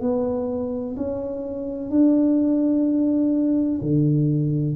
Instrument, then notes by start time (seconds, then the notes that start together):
tuba
0.00 B3
0.96 C#4
1.90 D4
3.81 D3